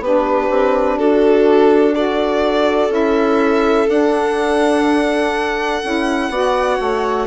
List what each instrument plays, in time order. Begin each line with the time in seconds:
0.00 bassoon B3, saxophone D4, viola G4, violin B4
0.50 bassoon C4
0.98 bassoon D4, viola F#4, violin A4
1.94 saxophone F#4, viola A4, violin D5
2.90 bassoon C#4, saxophone E4, violin E5
3.88 saxophone D4, bassoon D4, violin F#5
5.83 bassoon C#4, saxophone E4
6.30 bassoon B3, saxophone F#4, viola D5
6.76 bassoon A3, viola C#5